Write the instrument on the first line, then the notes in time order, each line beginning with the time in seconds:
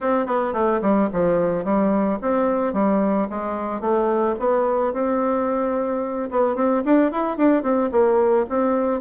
bassoon
0.00 C4
0.26 B3
0.53 A3
0.81 G3
1.12 F3
1.64 G3
2.21 C4
2.73 G3
3.29 G#3
3.81 A3
4.39 B3
4.93 C4
6.30 B3
6.55 C4
6.85 D4
7.11 E4
7.37 D4
7.62 C4
7.91 A#3
8.49 C4